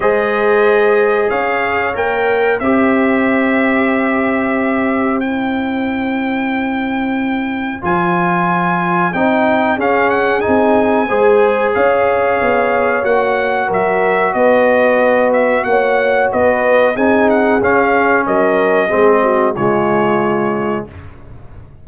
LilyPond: <<
  \new Staff \with { instrumentName = "trumpet" } { \time 4/4 \tempo 4 = 92 dis''2 f''4 g''4 | e''1 | g''1 | gis''2 g''4 f''8 fis''8 |
gis''2 f''2 | fis''4 e''4 dis''4. e''8 | fis''4 dis''4 gis''8 fis''8 f''4 | dis''2 cis''2 | }
  \new Staff \with { instrumentName = "horn" } { \time 4/4 c''2 cis''2 | c''1~ | c''1~ | c''2. gis'4~ |
gis'4 c''4 cis''2~ | cis''4 ais'4 b'2 | cis''4 b'4 gis'2 | ais'4 gis'8 fis'8 f'2 | }
  \new Staff \with { instrumentName = "trombone" } { \time 4/4 gis'2. ais'4 | g'1 | e'1 | f'2 dis'4 cis'4 |
dis'4 gis'2. | fis'1~ | fis'2 dis'4 cis'4~ | cis'4 c'4 gis2 | }
  \new Staff \with { instrumentName = "tuba" } { \time 4/4 gis2 cis'4 ais4 | c'1~ | c'1 | f2 c'4 cis'4 |
c'4 gis4 cis'4 b4 | ais4 fis4 b2 | ais4 b4 c'4 cis'4 | fis4 gis4 cis2 | }
>>